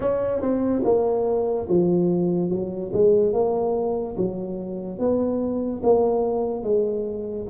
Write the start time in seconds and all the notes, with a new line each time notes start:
0.00 C#4
0.41 C4
0.84 A#3
1.69 F3
2.50 F#3
2.93 G#3
3.33 A#3
4.17 F#3
4.98 B3
5.83 A#3
6.63 G#3